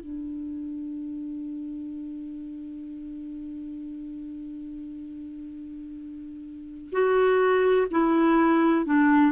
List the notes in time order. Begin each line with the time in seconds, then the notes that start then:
0.00 D4
6.92 F#4
7.91 E4
8.86 D4